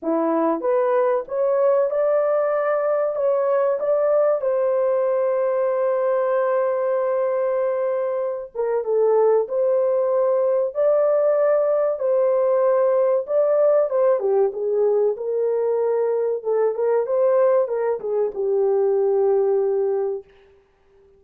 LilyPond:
\new Staff \with { instrumentName = "horn" } { \time 4/4 \tempo 4 = 95 e'4 b'4 cis''4 d''4~ | d''4 cis''4 d''4 c''4~ | c''1~ | c''4. ais'8 a'4 c''4~ |
c''4 d''2 c''4~ | c''4 d''4 c''8 g'8 gis'4 | ais'2 a'8 ais'8 c''4 | ais'8 gis'8 g'2. | }